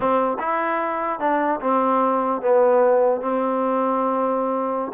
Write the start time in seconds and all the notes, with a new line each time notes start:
0.00 C4
0.39 E4
1.19 D4
1.61 C4
2.41 B3
3.21 C4